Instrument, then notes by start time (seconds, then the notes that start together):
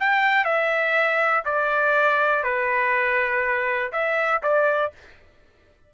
trumpet
0.00 G5
0.45 E5
1.45 D5
2.43 B4
3.92 E5
4.43 D5